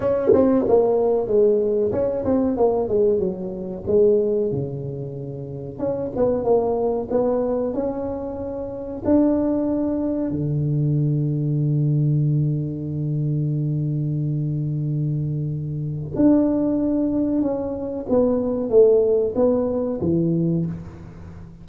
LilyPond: \new Staff \with { instrumentName = "tuba" } { \time 4/4 \tempo 4 = 93 cis'8 c'8 ais4 gis4 cis'8 c'8 | ais8 gis8 fis4 gis4 cis4~ | cis4 cis'8 b8 ais4 b4 | cis'2 d'2 |
d1~ | d1~ | d4 d'2 cis'4 | b4 a4 b4 e4 | }